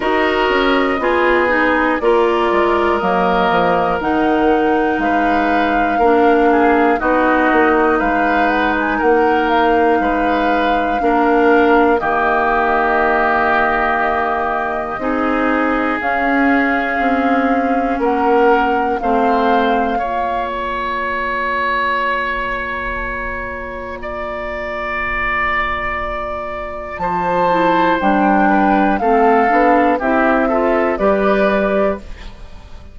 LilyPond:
<<
  \new Staff \with { instrumentName = "flute" } { \time 4/4 \tempo 4 = 60 dis''2 d''4 dis''4 | fis''4 f''2 dis''4 | f''8 fis''16 gis''16 fis''8 f''2~ f''8 | dis''1 |
f''2 fis''4 f''4~ | f''8 ais''2.~ ais''8~ | ais''2. a''4 | g''4 f''4 e''4 d''4 | }
  \new Staff \with { instrumentName = "oboe" } { \time 4/4 ais'4 gis'4 ais'2~ | ais'4 b'4 ais'8 gis'8 fis'4 | b'4 ais'4 b'4 ais'4 | g'2. gis'4~ |
gis'2 ais'4 c''4 | cis''1 | d''2. c''4~ | c''8 b'8 a'4 g'8 a'8 b'4 | }
  \new Staff \with { instrumentName = "clarinet" } { \time 4/4 fis'4 f'8 dis'8 f'4 ais4 | dis'2 d'4 dis'4~ | dis'2. d'4 | ais2. dis'4 |
cis'2. c'4 | f'1~ | f'2.~ f'8 e'8 | d'4 c'8 d'8 e'8 f'8 g'4 | }
  \new Staff \with { instrumentName = "bassoon" } { \time 4/4 dis'8 cis'8 b4 ais8 gis8 fis8 f8 | dis4 gis4 ais4 b8 ais8 | gis4 ais4 gis4 ais4 | dis2. c'4 |
cis'4 c'4 ais4 a4 | ais1~ | ais2. f4 | g4 a8 b8 c'4 g4 | }
>>